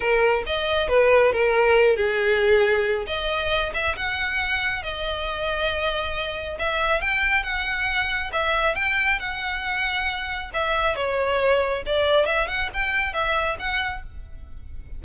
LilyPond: \new Staff \with { instrumentName = "violin" } { \time 4/4 \tempo 4 = 137 ais'4 dis''4 b'4 ais'4~ | ais'8 gis'2~ gis'8 dis''4~ | dis''8 e''8 fis''2 dis''4~ | dis''2. e''4 |
g''4 fis''2 e''4 | g''4 fis''2. | e''4 cis''2 d''4 | e''8 fis''8 g''4 e''4 fis''4 | }